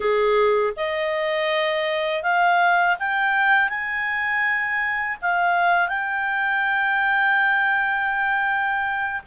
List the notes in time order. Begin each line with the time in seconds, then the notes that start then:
0.00 G#4
0.76 D#5
2.22 F5
2.99 G5
3.69 G#5
5.21 F5
5.88 G5